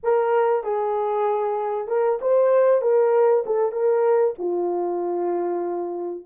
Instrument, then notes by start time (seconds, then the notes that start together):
horn
0.03 A#4
0.63 G#4
1.88 A#4
2.21 C5
2.81 A#4
3.45 A4
3.72 A#4
4.38 F4